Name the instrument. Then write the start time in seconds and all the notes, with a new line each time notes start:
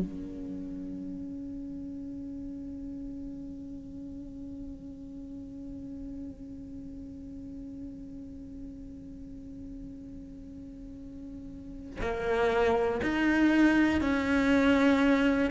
cello
0.00 C#4
12.01 A#3
13.03 D#4
14.02 C#4